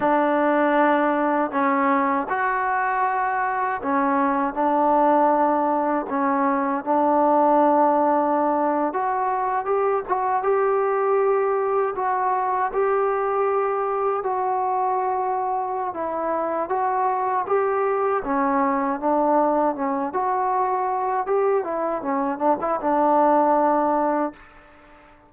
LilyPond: \new Staff \with { instrumentName = "trombone" } { \time 4/4 \tempo 4 = 79 d'2 cis'4 fis'4~ | fis'4 cis'4 d'2 | cis'4 d'2~ d'8. fis'16~ | fis'8. g'8 fis'8 g'2 fis'16~ |
fis'8. g'2 fis'4~ fis'16~ | fis'4 e'4 fis'4 g'4 | cis'4 d'4 cis'8 fis'4. | g'8 e'8 cis'8 d'16 e'16 d'2 | }